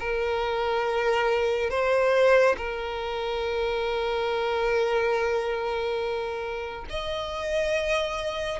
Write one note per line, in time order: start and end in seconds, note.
0.00 1.70 A#4
1.70 2.56 C5
2.58 6.86 A#4
6.90 8.60 D#5